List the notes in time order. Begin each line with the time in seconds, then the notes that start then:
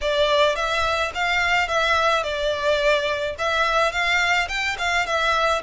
0.01 D5
0.55 E5
1.14 F5
1.67 E5
2.23 D5
3.38 E5
3.92 F5
4.48 G5
4.78 F5
5.06 E5